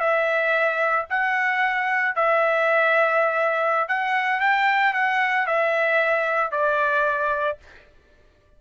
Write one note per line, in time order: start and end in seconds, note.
0.00 1.06 E5
1.10 2.16 F#5
2.16 3.88 E5
3.89 4.41 F#5
4.41 4.94 G5
4.94 5.47 F#5
5.47 6.52 E5
6.52 7.58 D5